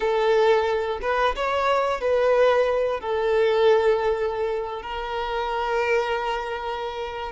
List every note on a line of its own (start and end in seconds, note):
0.00 0.99 A4
1.02 1.35 B4
1.35 2.00 C#5
2.00 3.00 B4
3.00 4.82 A4
4.82 7.32 A#4